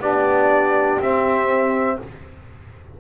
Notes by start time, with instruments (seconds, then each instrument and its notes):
0.00 double bass B3, trombone D4, horn G4, trumpet D5
1.00 double bass C4, trombone C4, trumpet E5